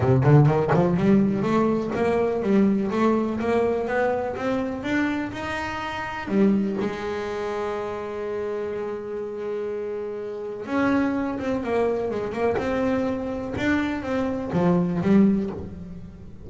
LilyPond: \new Staff \with { instrumentName = "double bass" } { \time 4/4 \tempo 4 = 124 c8 d8 dis8 f8 g4 a4 | ais4 g4 a4 ais4 | b4 c'4 d'4 dis'4~ | dis'4 g4 gis2~ |
gis1~ | gis2 cis'4. c'8 | ais4 gis8 ais8 c'2 | d'4 c'4 f4 g4 | }